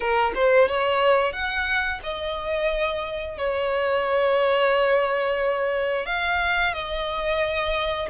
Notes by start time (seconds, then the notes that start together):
0.00 A#4
0.34 C5
0.68 C#5
1.32 F#5
2.03 D#5
3.37 C#5
6.06 F5
6.73 D#5